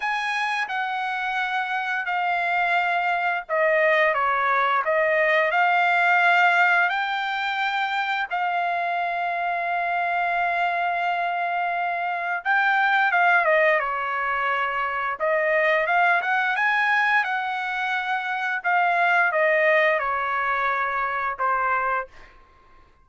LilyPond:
\new Staff \with { instrumentName = "trumpet" } { \time 4/4 \tempo 4 = 87 gis''4 fis''2 f''4~ | f''4 dis''4 cis''4 dis''4 | f''2 g''2 | f''1~ |
f''2 g''4 f''8 dis''8 | cis''2 dis''4 f''8 fis''8 | gis''4 fis''2 f''4 | dis''4 cis''2 c''4 | }